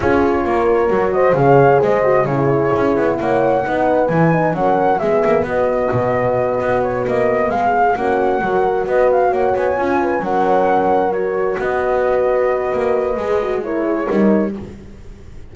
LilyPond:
<<
  \new Staff \with { instrumentName = "flute" } { \time 4/4 \tempo 4 = 132 cis''2~ cis''8 dis''8 f''4 | dis''4 cis''2 fis''4~ | fis''4 gis''4 fis''4 e''4 | dis''2. cis''8 dis''8~ |
dis''8 f''4 fis''2 dis''8 | f''8 fis''8 gis''4. fis''4.~ | fis''8 cis''4 dis''2~ dis''8~ | dis''2 cis''2 | }
  \new Staff \with { instrumentName = "horn" } { \time 4/4 gis'4 ais'4. c''8 cis''4 | c''4 gis'2 cis''4 | b'2 ais'4 gis'4 | fis'1~ |
fis'8 gis'4 fis'4 ais'4 b'8~ | b'8 cis''4. b'8 ais'4.~ | ais'4. b'2~ b'8~ | b'2 ais'8 gis'8 ais'4 | }
  \new Staff \with { instrumentName = "horn" } { \time 4/4 f'2 fis'4 gis'4~ | gis'8 fis'8 e'2. | dis'4 e'8 dis'8 cis'4 b4~ | b1~ |
b4. cis'4 fis'4.~ | fis'4. f'4 cis'4.~ | cis'8 fis'2.~ fis'8~ | fis'4 gis'8 fis'8 e'4 dis'4 | }
  \new Staff \with { instrumentName = "double bass" } { \time 4/4 cis'4 ais4 fis4 cis4 | gis4 cis4 cis'8 b8 ais4 | b4 e4 fis4 gis8 ais8 | b4 b,4. b4 ais8~ |
ais8 gis4 ais4 fis4 b8~ | b8 ais8 b8 cis'4 fis4.~ | fis4. b2~ b8 | ais4 gis2 g4 | }
>>